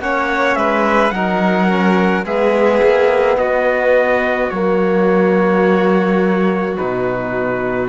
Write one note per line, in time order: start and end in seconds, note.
0.00 0.56 A#3
0.00 1.13 C#4
0.00 0.58 C#5
0.00 0.55 F#5
0.55 1.12 G#3
0.55 1.14 B4
0.55 1.11 E5
1.11 2.25 F#3
1.11 1.69 D#4
1.11 2.25 A#4
1.11 2.24 F#5
1.69 2.25 C#4
2.25 2.81 G#3
2.25 4.52 B3
2.25 3.38 G#4
2.25 3.38 E5
2.83 3.37 A#3
3.37 4.51 B3
3.37 7.89 F#4
3.37 4.50 D#5
4.50 6.78 F#3
4.50 6.78 A#3
4.50 6.77 C#5
6.77 7.89 B2
6.77 7.89 D#4
6.77 7.89 B4